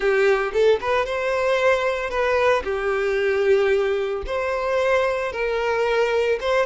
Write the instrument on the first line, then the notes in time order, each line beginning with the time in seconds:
violin
0.00 G4
0.53 A4
0.80 B4
1.05 C5
2.09 B4
2.64 G4
4.26 C5
5.32 A#4
6.40 C5